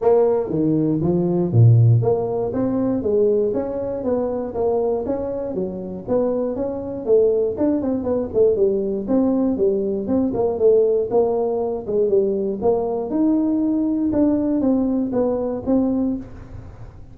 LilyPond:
\new Staff \with { instrumentName = "tuba" } { \time 4/4 \tempo 4 = 119 ais4 dis4 f4 ais,4 | ais4 c'4 gis4 cis'4 | b4 ais4 cis'4 fis4 | b4 cis'4 a4 d'8 c'8 |
b8 a8 g4 c'4 g4 | c'8 ais8 a4 ais4. gis8 | g4 ais4 dis'2 | d'4 c'4 b4 c'4 | }